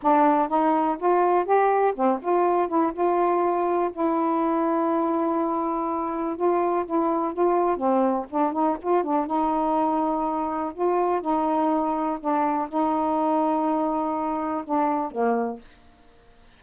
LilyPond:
\new Staff \with { instrumentName = "saxophone" } { \time 4/4 \tempo 4 = 123 d'4 dis'4 f'4 g'4 | c'8 f'4 e'8 f'2 | e'1~ | e'4 f'4 e'4 f'4 |
c'4 d'8 dis'8 f'8 d'8 dis'4~ | dis'2 f'4 dis'4~ | dis'4 d'4 dis'2~ | dis'2 d'4 ais4 | }